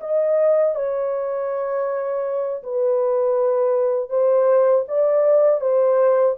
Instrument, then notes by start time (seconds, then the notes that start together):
horn
0.00 D#5
0.75 C#5
2.63 B4
4.09 C5
4.88 D5
5.60 C5